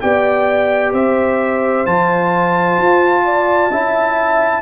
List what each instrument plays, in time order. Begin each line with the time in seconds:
0.00 tuba B3, trombone G4, horn D5, trumpet G5
0.93 tuba C4, horn C5, trumpet E5
1.86 tuba F3, trombone F4, trumpet A5
2.78 tuba F4
3.25 horn D5
3.70 tuba C#4, trombone E4, horn E5